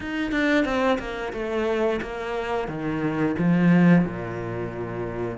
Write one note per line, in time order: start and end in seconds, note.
0.00 0.31 D#4
0.31 0.64 D4
0.64 0.98 C4
0.98 1.32 A#3
1.32 2.00 A3
2.01 2.68 A#3
2.68 3.35 D#3
3.38 4.04 F3
4.04 5.37 A#2